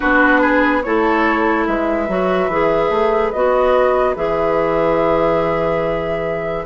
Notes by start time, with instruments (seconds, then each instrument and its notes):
0.00 bassoon B3, clarinet D4, oboe F#4, flute B4
0.41 oboe G#4
0.82 bassoon A3, clarinet E4, oboe A4, flute C#5
1.66 bassoon G#3, oboe B4, flute E5
2.08 bassoon F#3, clarinet F#4
2.48 bassoon E3, clarinet G#4
2.89 bassoon A3
3.31 bassoon B3, clarinet F#4, flute D#5
4.15 bassoon E3, clarinet G#4, flute E5